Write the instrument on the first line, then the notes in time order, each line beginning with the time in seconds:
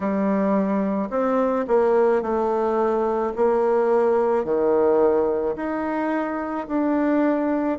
bassoon
0.00 G3
1.10 C4
1.67 A#3
2.22 A3
3.35 A#3
4.44 D#3
5.56 D#4
6.67 D4